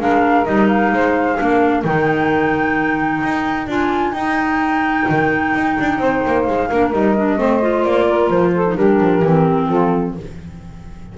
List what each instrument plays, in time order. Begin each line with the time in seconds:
0.00 double bass G#3, clarinet D4, saxophone A#4, flute F5
0.45 double bass G3, clarinet D#4, flute D#5
0.69 flute F5
0.93 double bass G#3, saxophone C5
1.38 double bass A#3, clarinet D4, saxophone A#4
1.85 double bass D#3, clarinet D#4, flute G5
3.24 double bass D#4
3.67 double bass D4, clarinet F4, flute G#5
4.13 double bass D#4, clarinet D#4, flute G5
5.10 double bass D#3
5.55 double bass D#4
5.81 double bass D4
5.99 double bass C4, saxophone C5
6.27 double bass A#3
6.44 double bass G#3, flute F5
6.69 double bass A#3, clarinet D4, saxophone A#4
6.92 double bass G3, clarinet D#4, flute D#5
7.17 clarinet D4
7.38 double bass A3, clarinet C4, saxophone C5
7.62 clarinet F4
7.84 double bass A#3, flute D5
8.08 saxophone A#4
8.30 double bass F3, flute C5
8.55 saxophone A4
8.67 clarinet D#4
8.77 double bass G3, clarinet D4, saxophone G4, flute A#4
9.01 double bass F3
9.23 double bass E3, clarinet C4
9.68 double bass F3, saxophone F4, flute A4